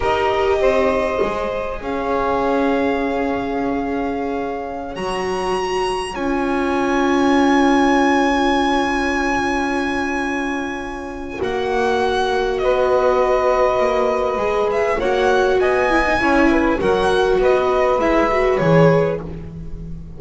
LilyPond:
<<
  \new Staff \with { instrumentName = "violin" } { \time 4/4 \tempo 4 = 100 dis''2. f''4~ | f''1~ | f''16 ais''2 gis''4.~ gis''16~ | gis''1~ |
gis''2. fis''4~ | fis''4 dis''2.~ | dis''8 e''8 fis''4 gis''2 | fis''4 dis''4 e''4 cis''4 | }
  \new Staff \with { instrumentName = "saxophone" } { \time 4/4 ais'4 c''2 cis''4~ | cis''1~ | cis''1~ | cis''1~ |
cis''1~ | cis''4 b'2.~ | b'4 cis''4 dis''4 cis''8 b'8 | ais'4 b'2. | }
  \new Staff \with { instrumentName = "viola" } { \time 4/4 g'2 gis'2~ | gis'1~ | gis'16 fis'2 f'4.~ f'16~ | f'1~ |
f'2. fis'4~ | fis'1 | gis'4 fis'4. e'16 dis'16 e'4 | fis'2 e'8 fis'8 gis'4 | }
  \new Staff \with { instrumentName = "double bass" } { \time 4/4 dis'4 c'4 gis4 cis'4~ | cis'1~ | cis'16 fis2 cis'4.~ cis'16~ | cis'1~ |
cis'2. ais4~ | ais4 b2 ais4 | gis4 ais4 b4 cis'4 | fis4 b4 gis4 e4 | }
>>